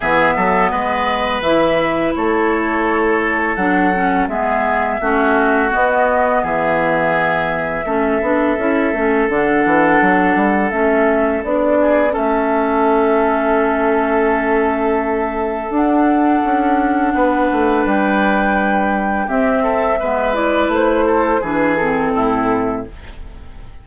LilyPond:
<<
  \new Staff \with { instrumentName = "flute" } { \time 4/4 \tempo 4 = 84 e''4 dis''4 e''4 cis''4~ | cis''4 fis''4 e''2 | dis''4 e''2.~ | e''4 fis''2 e''4 |
d''4 e''2.~ | e''2 fis''2~ | fis''4 g''2 e''4~ | e''8 d''8 c''4 b'8 a'4. | }
  \new Staff \with { instrumentName = "oboe" } { \time 4/4 gis'8 a'8 b'2 a'4~ | a'2 gis'4 fis'4~ | fis'4 gis'2 a'4~ | a'1~ |
a'8 gis'8 a'2.~ | a'1 | b'2. g'8 a'8 | b'4. a'8 gis'4 e'4 | }
  \new Staff \with { instrumentName = "clarinet" } { \time 4/4 b2 e'2~ | e'4 d'8 cis'8 b4 cis'4 | b2. cis'8 d'8 | e'8 cis'8 d'2 cis'4 |
d'4 cis'2.~ | cis'2 d'2~ | d'2. c'4 | b8 e'4. d'8 c'4. | }
  \new Staff \with { instrumentName = "bassoon" } { \time 4/4 e8 fis8 gis4 e4 a4~ | a4 fis4 gis4 a4 | b4 e2 a8 b8 | cis'8 a8 d8 e8 fis8 g8 a4 |
b4 a2.~ | a2 d'4 cis'4 | b8 a8 g2 c'4 | gis4 a4 e4 a,4 | }
>>